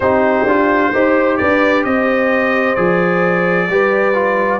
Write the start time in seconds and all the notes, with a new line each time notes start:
0.00 C4 D#4 G4 C5
0.45 D4 F4
0.93 D#4 G4 C5
1.37 D4 B4 D5
1.84 C4 C5 D#5
2.75 F3 G#4 D5
3.69 G3 G4 B4
4.13 F4